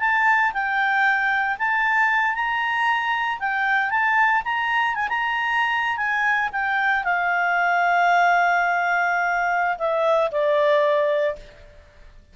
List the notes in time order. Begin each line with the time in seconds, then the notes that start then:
0.00 A5
0.53 G5
1.59 A5
2.35 A#5
3.39 G5
3.90 A5
4.45 A#5
4.95 G#5
5.09 A#5
5.97 G#5
6.52 G5
7.04 F5
9.78 E5
10.32 D5